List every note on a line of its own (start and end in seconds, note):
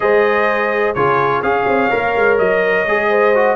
0.00 0.96 G#3
0.00 0.95 G#4
0.00 0.96 C5
0.00 0.94 D#5
0.94 1.42 C#3
0.94 1.43 F4
0.94 1.41 G#4
0.94 1.42 C#5
1.41 1.66 C#4
1.41 1.90 G#4
1.41 3.08 C#5
1.41 2.37 F5
1.66 1.90 C4
1.90 2.15 A#3
1.90 2.85 A#4
2.15 2.39 G#3
2.37 2.86 F#3
2.37 3.56 D#5
2.86 3.56 G#3
2.86 3.35 G#4
3.09 3.56 C5
3.35 3.56 F#4